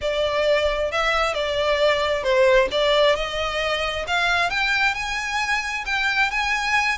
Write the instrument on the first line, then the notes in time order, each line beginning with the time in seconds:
violin
0.01 D5
0.91 E5
1.34 D5
2.23 C5
2.71 D5
3.15 D#5
4.07 F5
4.50 G5
4.94 G#5
5.85 G5
6.30 G#5